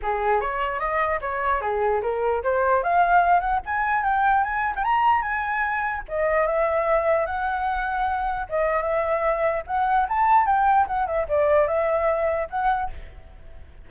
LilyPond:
\new Staff \with { instrumentName = "flute" } { \time 4/4 \tempo 4 = 149 gis'4 cis''4 dis''4 cis''4 | gis'4 ais'4 c''4 f''4~ | f''8 fis''8 gis''4 g''4 gis''8. g''16 | ais''4 gis''2 dis''4 |
e''2 fis''2~ | fis''4 dis''4 e''2 | fis''4 a''4 g''4 fis''8 e''8 | d''4 e''2 fis''4 | }